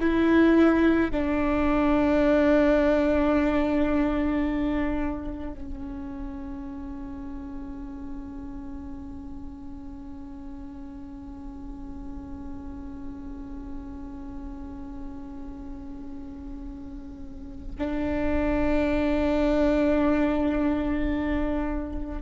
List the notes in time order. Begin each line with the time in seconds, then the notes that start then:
0.00 E4
1.11 D4
5.54 C#4
17.78 D4